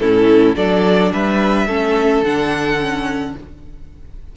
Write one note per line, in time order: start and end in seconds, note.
0.00 0.57 A2
0.00 0.56 C#4
0.00 0.57 E4
0.00 0.56 A4
0.56 1.13 F#3
0.56 1.68 D4
0.56 1.13 A4
0.56 1.13 D5
1.13 1.67 G3
1.13 1.68 B4
1.13 2.25 E5
1.67 2.23 A3
1.67 2.25 C#4
1.67 3.36 A4
2.23 3.35 D3
2.23 2.80 D4
2.23 3.37 F#5
2.80 3.36 C#4